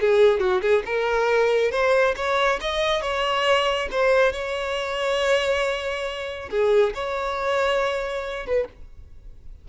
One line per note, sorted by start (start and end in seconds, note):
0.00 0.39 G#4
0.39 0.61 F#4
0.61 0.83 G#4
0.85 1.71 A#4
1.71 2.14 C5
2.16 2.59 C#5
2.60 3.01 D#5
3.01 3.88 C#5
3.91 4.32 C5
4.32 6.49 C#5
6.50 6.93 G#4
6.94 8.46 C#5
8.46 8.68 B4